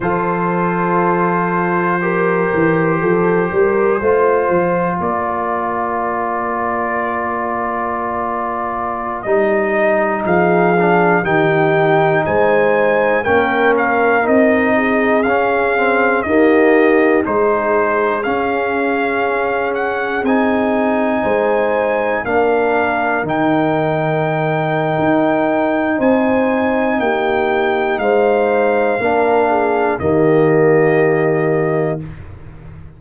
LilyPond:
<<
  \new Staff \with { instrumentName = "trumpet" } { \time 4/4 \tempo 4 = 60 c''1~ | c''4 d''2.~ | d''4~ d''16 dis''4 f''4 g''8.~ | g''16 gis''4 g''8 f''8 dis''4 f''8.~ |
f''16 dis''4 c''4 f''4. fis''16~ | fis''16 gis''2 f''4 g''8.~ | g''2 gis''4 g''4 | f''2 dis''2 | }
  \new Staff \with { instrumentName = "horn" } { \time 4/4 a'2 ais'4 a'8 ais'8 | c''4 ais'2.~ | ais'2~ ais'16 gis'4 g'8.~ | g'16 c''4 ais'4. gis'4~ gis'16~ |
gis'16 g'4 gis'2~ gis'8.~ | gis'4~ gis'16 c''4 ais'4.~ ais'16~ | ais'2 c''4 g'4 | c''4 ais'8 gis'8 g'2 | }
  \new Staff \with { instrumentName = "trombone" } { \time 4/4 f'2 g'2 | f'1~ | f'4~ f'16 dis'4. d'8 dis'8.~ | dis'4~ dis'16 cis'4 dis'4 cis'8 c'16~ |
c'16 ais4 dis'4 cis'4.~ cis'16~ | cis'16 dis'2 d'4 dis'8.~ | dis'1~ | dis'4 d'4 ais2 | }
  \new Staff \with { instrumentName = "tuba" } { \time 4/4 f2~ f8 e8 f8 g8 | a8 f8 ais2.~ | ais4~ ais16 g4 f4 dis8.~ | dis16 gis4 ais4 c'4 cis'8.~ |
cis'16 dis'4 gis4 cis'4.~ cis'16~ | cis'16 c'4 gis4 ais4 dis8.~ | dis4 dis'4 c'4 ais4 | gis4 ais4 dis2 | }
>>